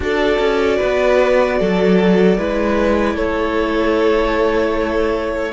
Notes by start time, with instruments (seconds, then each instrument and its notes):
0.00 cello D4, viola F#4, violin A4 D5
0.38 cello C#4
0.76 cello B3, violin B4
1.59 cello F#3, violin A4
2.37 cello G#3, viola E4, violin B4
3.14 cello A3, violin A4 C#5